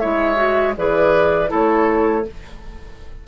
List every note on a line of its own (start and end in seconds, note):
0.00 0.77 G#3
0.00 0.36 E4
0.00 0.74 C#5
0.00 0.74 E5
0.36 0.73 F#4
0.77 1.51 E3
0.77 1.48 G#4
0.77 1.50 B4
0.77 1.51 D5
1.48 2.25 A3
1.48 2.22 E4
1.48 2.24 A4
1.48 2.27 C#5